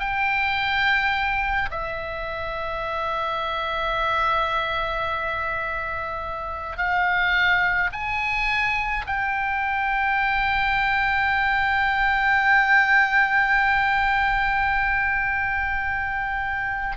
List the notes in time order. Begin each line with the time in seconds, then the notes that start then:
0.00 G5
1.71 E5
6.77 F5
7.92 G#5
9.06 G5